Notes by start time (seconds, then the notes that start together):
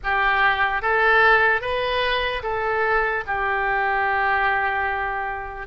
0.03 G4
0.82 A4
1.61 B4
2.43 A4
3.27 G4